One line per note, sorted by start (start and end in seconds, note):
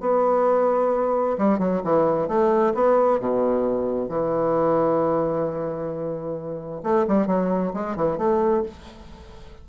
0.00 1.36 B3
1.38 1.59 G3
1.59 1.81 F#3
1.84 2.28 E3
2.28 2.73 A3
2.74 3.19 B3
3.19 4.09 B2
4.09 6.81 E3
6.83 7.06 A3
7.07 7.27 G3
7.27 7.72 F#3
7.74 7.96 G#3
7.96 8.17 E3
8.17 8.63 A3